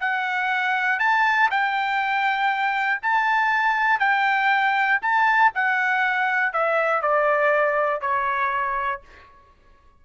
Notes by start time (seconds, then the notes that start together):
0.00 F#5
0.99 A5
1.51 G5
3.02 A5
3.99 G5
5.02 A5
5.55 F#5
6.53 E5
7.02 D5
8.01 C#5